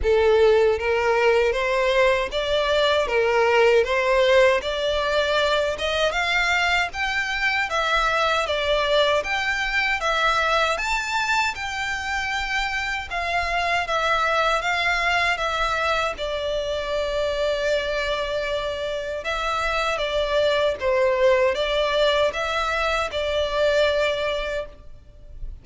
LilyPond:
\new Staff \with { instrumentName = "violin" } { \time 4/4 \tempo 4 = 78 a'4 ais'4 c''4 d''4 | ais'4 c''4 d''4. dis''8 | f''4 g''4 e''4 d''4 | g''4 e''4 a''4 g''4~ |
g''4 f''4 e''4 f''4 | e''4 d''2.~ | d''4 e''4 d''4 c''4 | d''4 e''4 d''2 | }